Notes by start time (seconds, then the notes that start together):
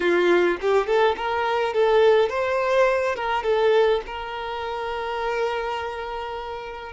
0.00 F4
0.61 G4
0.86 A4
1.16 A#4
1.73 A4
2.29 C5
3.15 A#4
3.43 A4
4.06 A#4